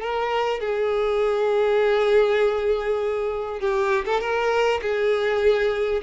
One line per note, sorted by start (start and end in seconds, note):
0.00 0.60 A#4
0.60 3.60 G#4
3.60 4.05 G4
4.05 4.20 A4
4.20 4.80 A#4
4.81 6.01 G#4